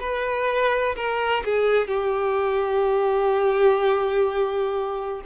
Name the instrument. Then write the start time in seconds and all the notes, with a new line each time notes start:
violin
0.00 B4
0.96 A#4
1.45 G#4
1.87 G4